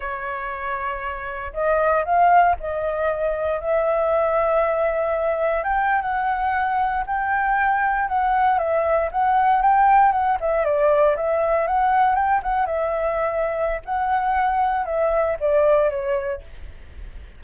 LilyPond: \new Staff \with { instrumentName = "flute" } { \time 4/4 \tempo 4 = 117 cis''2. dis''4 | f''4 dis''2 e''4~ | e''2. g''8. fis''16~ | fis''4.~ fis''16 g''2 fis''16~ |
fis''8. e''4 fis''4 g''4 fis''16~ | fis''16 e''8 d''4 e''4 fis''4 g''16~ | g''16 fis''8 e''2~ e''16 fis''4~ | fis''4 e''4 d''4 cis''4 | }